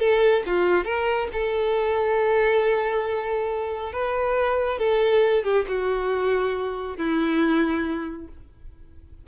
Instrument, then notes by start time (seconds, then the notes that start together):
violin
0.00 A4
0.47 F4
0.85 A#4
1.33 A4
3.93 B4
4.79 A4
5.44 G4
5.68 F#4
6.97 E4